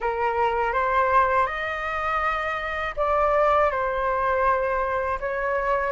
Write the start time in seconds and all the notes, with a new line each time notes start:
0.00 A#4
0.72 C5
1.46 D#5
2.96 D5
3.70 C5
5.20 C#5